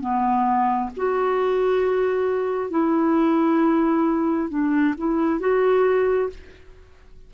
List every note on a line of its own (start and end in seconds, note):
0.00 0.90 B3
0.96 2.70 F#4
2.70 4.49 E4
4.49 4.94 D4
4.97 5.39 E4
5.39 6.29 F#4